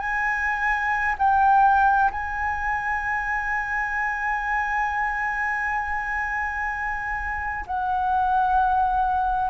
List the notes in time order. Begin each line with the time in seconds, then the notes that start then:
0.00 G#5
1.19 G5
2.12 G#5
7.67 F#5